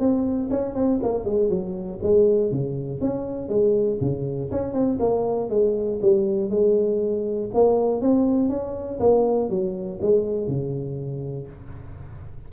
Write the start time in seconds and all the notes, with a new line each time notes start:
0.00 C4
0.51 C#4
0.75 C4
1.03 A#3
1.25 G#3
1.50 F#3
2.03 G#3
2.51 C#3
3.01 C#4
3.49 G#3
4.01 C#3
4.52 C#4
4.73 C4
5.00 A#3
5.50 G#3
6.02 G3
6.50 G#3
7.54 A#3
8.01 C4
8.49 C#4
9.00 A#3
9.50 F#3
10.02 G#3
10.48 C#3